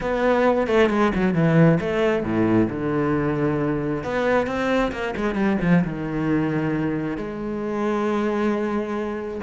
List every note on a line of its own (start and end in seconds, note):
0.00 0.67 B3
0.67 0.89 A3
0.89 1.12 G#3
1.15 1.34 F#3
1.34 1.78 E3
1.80 2.23 A3
2.23 2.68 A2
2.69 4.03 D3
4.03 4.47 B3
4.47 4.91 C4
4.92 5.14 A#3
5.16 5.34 G#3
5.34 5.57 G3
5.61 5.84 F3
5.84 7.17 D#3
7.17 9.41 G#3